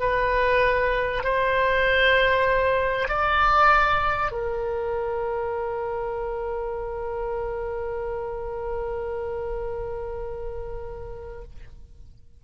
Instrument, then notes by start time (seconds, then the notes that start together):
oboe
0.00 B4
1.24 C5
3.09 D5
4.32 A#4